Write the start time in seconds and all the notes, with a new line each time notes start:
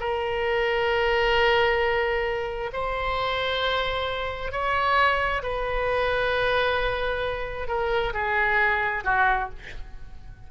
0.00 A#4
2.73 C5
4.52 C#5
5.43 B4
7.68 A#4
8.14 G#4
9.04 F#4